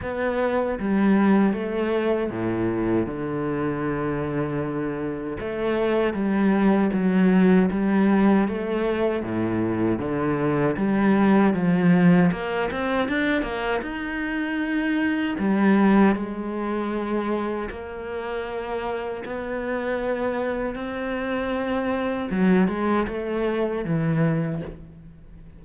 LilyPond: \new Staff \with { instrumentName = "cello" } { \time 4/4 \tempo 4 = 78 b4 g4 a4 a,4 | d2. a4 | g4 fis4 g4 a4 | a,4 d4 g4 f4 |
ais8 c'8 d'8 ais8 dis'2 | g4 gis2 ais4~ | ais4 b2 c'4~ | c'4 fis8 gis8 a4 e4 | }